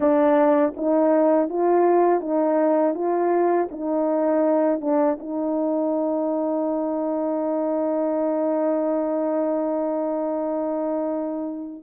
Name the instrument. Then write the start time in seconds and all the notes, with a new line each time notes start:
horn
0.00 D4
0.76 D#4
1.48 F4
2.20 D#4
2.94 F4
3.71 D#4
4.80 D4
5.19 D#4